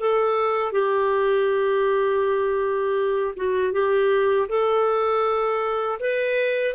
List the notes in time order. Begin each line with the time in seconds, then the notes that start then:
0.00 A4
0.72 G4
3.36 F#4
3.73 G4
4.49 A4
6.00 B4